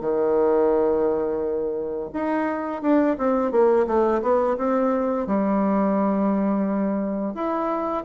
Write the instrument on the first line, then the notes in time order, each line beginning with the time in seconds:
bassoon
0.00 D#3
2.12 D#4
2.82 D4
3.17 C4
3.51 A#3
3.86 A3
4.21 B3
4.57 C4
5.26 G3
7.34 E4